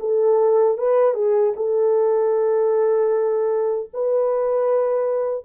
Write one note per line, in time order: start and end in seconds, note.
0.00 0.78 A4
0.78 1.14 B4
1.14 1.53 G#4
1.57 3.90 A4
3.94 5.45 B4